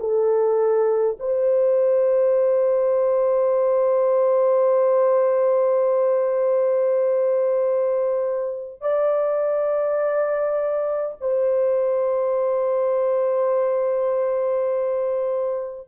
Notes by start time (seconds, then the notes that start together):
0.00 A4
1.20 C5
8.81 D5
11.21 C5